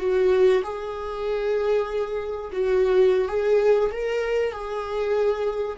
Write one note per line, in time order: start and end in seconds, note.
0.00 0.62 F#4
0.64 2.51 G#4
2.52 3.28 F#4
3.28 3.91 G#4
3.91 4.52 A#4
4.52 5.77 G#4